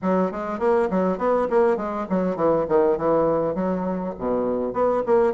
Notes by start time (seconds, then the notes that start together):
0.01 F#3
0.31 G#3
0.59 A#3
0.90 F#3
1.17 B3
1.50 A#3
1.76 G#3
2.09 F#3
2.36 E3
2.68 D#3
2.97 E3
3.55 F#3
4.18 B2
4.73 B3
5.05 A#3